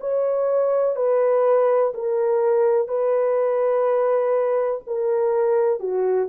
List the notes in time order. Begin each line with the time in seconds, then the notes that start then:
0.00 C#5
0.96 B4
1.94 A#4
2.88 B4
4.87 A#4
5.80 F#4